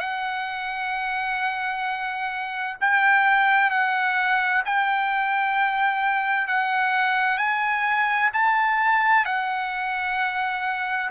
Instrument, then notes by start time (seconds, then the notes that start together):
trumpet
0.00 F#5
2.81 G5
3.71 F#5
4.65 G5
6.48 F#5
7.38 G#5
8.33 A5
9.26 F#5